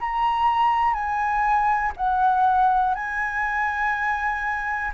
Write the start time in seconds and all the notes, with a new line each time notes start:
0.00 A#5
0.94 G#5
1.96 F#5
2.95 G#5